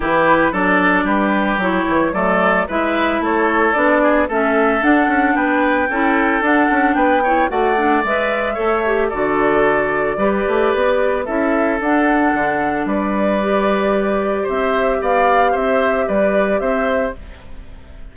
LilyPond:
<<
  \new Staff \with { instrumentName = "flute" } { \time 4/4 \tempo 4 = 112 b'4 d''4 b'4 cis''4 | d''4 e''4 cis''4 d''4 | e''4 fis''4 g''2 | fis''4 g''4 fis''4 e''4~ |
e''4 d''2.~ | d''4 e''4 fis''2 | d''2. e''4 | f''4 e''4 d''4 e''4 | }
  \new Staff \with { instrumentName = "oboe" } { \time 4/4 g'4 a'4 g'2 | a'4 b'4 a'4. gis'8 | a'2 b'4 a'4~ | a'4 b'8 cis''8 d''2 |
cis''4 a'2 b'4~ | b'4 a'2. | b'2. c''4 | d''4 c''4 b'4 c''4 | }
  \new Staff \with { instrumentName = "clarinet" } { \time 4/4 e'4 d'2 e'4 | a4 e'2 d'4 | cis'4 d'2 e'4 | d'4. e'8 fis'8 d'8 b'4 |
a'8 g'8 fis'2 g'4~ | g'4 e'4 d'2~ | d'4 g'2.~ | g'1 | }
  \new Staff \with { instrumentName = "bassoon" } { \time 4/4 e4 fis4 g4 fis8 e8 | fis4 gis4 a4 b4 | a4 d'8 cis'8 b4 cis'4 | d'8 cis'8 b4 a4 gis4 |
a4 d2 g8 a8 | b4 cis'4 d'4 d4 | g2. c'4 | b4 c'4 g4 c'4 | }
>>